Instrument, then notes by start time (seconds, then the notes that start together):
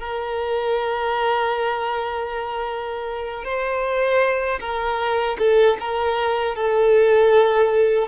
violin
0.00 A#4
3.44 C5
4.60 A#4
5.38 A4
5.80 A#4
6.55 A4